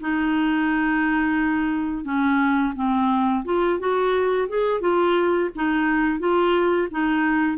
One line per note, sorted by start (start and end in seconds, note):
0.00 2.04 D#4
2.04 2.73 C#4
2.75 3.44 C4
3.45 3.79 F4
3.79 4.48 F#4
4.49 4.81 G#4
4.81 5.50 F4
5.55 6.19 D#4
6.19 6.88 F4
6.91 7.57 D#4